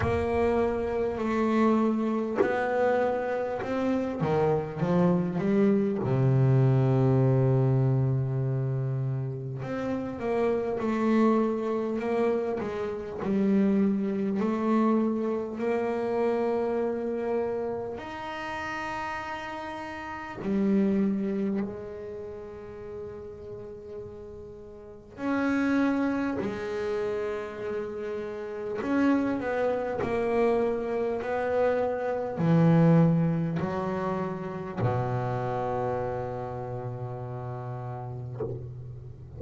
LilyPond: \new Staff \with { instrumentName = "double bass" } { \time 4/4 \tempo 4 = 50 ais4 a4 b4 c'8 dis8 | f8 g8 c2. | c'8 ais8 a4 ais8 gis8 g4 | a4 ais2 dis'4~ |
dis'4 g4 gis2~ | gis4 cis'4 gis2 | cis'8 b8 ais4 b4 e4 | fis4 b,2. | }